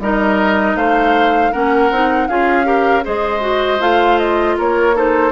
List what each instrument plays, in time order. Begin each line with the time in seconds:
0.00 bassoon G3, clarinet D#4, oboe A#4, flute D#5
0.75 bassoon A3, oboe C5, flute F5
1.52 bassoon A#3, clarinet C#4, oboe A#4, flute F#5
1.91 bassoon C4, clarinet D#4
2.27 bassoon C#4, clarinet F4, oboe G#4, flute F5
2.64 clarinet G4, oboe A#4
3.04 bassoon G#3, clarinet G#4, oboe C5, flute D#5
3.41 clarinet F#4
3.79 bassoon A3, clarinet F4, flute F5
4.18 flute D#5
4.58 bassoon A#3, oboe A#4, flute C#5
4.95 clarinet D#4, oboe A4, flute C5